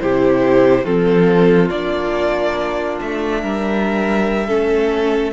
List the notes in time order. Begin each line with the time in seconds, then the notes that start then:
0.00 C3 E4 G4 C5
0.84 F3 C4 F4 A4
1.69 A#3 D4 D5
3.01 A3 E5
3.41 G3 A#4
4.47 A3 C#4 A4